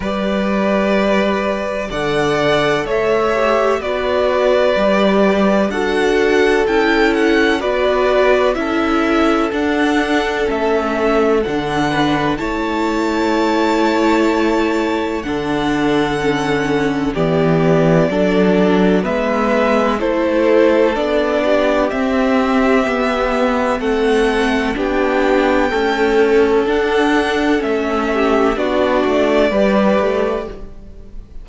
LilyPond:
<<
  \new Staff \with { instrumentName = "violin" } { \time 4/4 \tempo 4 = 63 d''2 fis''4 e''4 | d''2 fis''4 g''8 fis''8 | d''4 e''4 fis''4 e''4 | fis''4 a''2. |
fis''2 d''2 | e''4 c''4 d''4 e''4~ | e''4 fis''4 g''2 | fis''4 e''4 d''2 | }
  \new Staff \with { instrumentName = "violin" } { \time 4/4 b'2 d''4 cis''4 | b'2 a'2 | b'4 a'2.~ | a'8 b'8 cis''2. |
a'2 g'4 a'4 | b'4 a'4. g'4.~ | g'4 a'4 g'4 a'4~ | a'4. g'8 fis'4 b'4 | }
  \new Staff \with { instrumentName = "viola" } { \time 4/4 g'2 a'4. g'8 | fis'4 g'4 fis'4 e'4 | fis'4 e'4 d'4 cis'4 | d'4 e'2. |
d'4 cis'4 b4 d'4 | b4 e'4 d'4 c'4 | b4 c'4 d'4 a4 | d'4 cis'4 d'4 g'4 | }
  \new Staff \with { instrumentName = "cello" } { \time 4/4 g2 d4 a4 | b4 g4 d'4 cis'4 | b4 cis'4 d'4 a4 | d4 a2. |
d2 e4 fis4 | gis4 a4 b4 c'4 | b4 a4 b4 cis'4 | d'4 a4 b8 a8 g8 a8 | }
>>